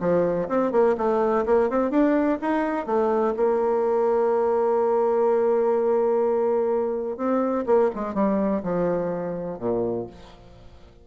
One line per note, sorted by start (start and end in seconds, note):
0.00 0.48 F3
0.48 0.72 C4
0.72 0.96 A#3
0.97 1.45 A3
1.46 1.70 A#3
1.70 1.90 C4
1.90 2.38 D4
2.41 2.86 D#4
2.86 3.34 A3
3.37 7.17 A#3
7.17 7.65 C4
7.66 7.90 A#3
7.95 8.14 G#3
8.14 8.62 G3
8.63 9.59 F3
9.59 10.07 A#2